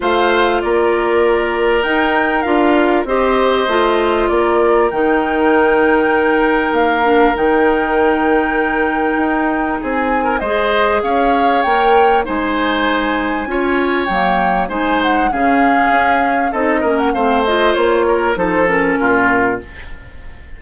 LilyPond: <<
  \new Staff \with { instrumentName = "flute" } { \time 4/4 \tempo 4 = 98 f''4 d''2 g''4 | f''4 dis''2 d''4 | g''2. f''4 | g''1 |
gis''4 dis''4 f''4 g''4 | gis''2. g''4 | gis''8 fis''8 f''2 dis''8. fis''16 | f''8 dis''8 cis''4 c''8 ais'4. | }
  \new Staff \with { instrumentName = "oboe" } { \time 4/4 c''4 ais'2.~ | ais'4 c''2 ais'4~ | ais'1~ | ais'1 |
gis'8. ais'16 c''4 cis''2 | c''2 cis''2 | c''4 gis'2 a'8 ais'8 | c''4. ais'8 a'4 f'4 | }
  \new Staff \with { instrumentName = "clarinet" } { \time 4/4 f'2. dis'4 | f'4 g'4 f'2 | dis'2.~ dis'8 d'8 | dis'1~ |
dis'4 gis'2 ais'4 | dis'2 f'4 ais4 | dis'4 cis'2 dis'8 cis'8 | c'8 f'4. dis'8 cis'4. | }
  \new Staff \with { instrumentName = "bassoon" } { \time 4/4 a4 ais2 dis'4 | d'4 c'4 a4 ais4 | dis2. ais4 | dis2. dis'4 |
c'4 gis4 cis'4 ais4 | gis2 cis'4 fis4 | gis4 cis4 cis'4 c'8 ais8 | a4 ais4 f4 ais,4 | }
>>